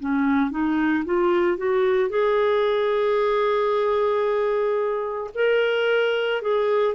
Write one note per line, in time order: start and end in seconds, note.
0.00 0.51 C#4
0.51 1.05 D#4
1.05 1.58 F4
1.58 2.10 F#4
2.10 5.31 G#4
5.35 6.42 A#4
6.42 6.95 G#4